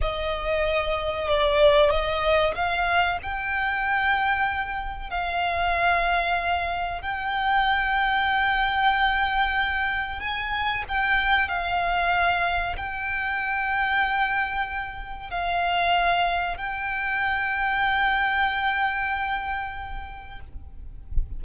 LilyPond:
\new Staff \with { instrumentName = "violin" } { \time 4/4 \tempo 4 = 94 dis''2 d''4 dis''4 | f''4 g''2. | f''2. g''4~ | g''1 |
gis''4 g''4 f''2 | g''1 | f''2 g''2~ | g''1 | }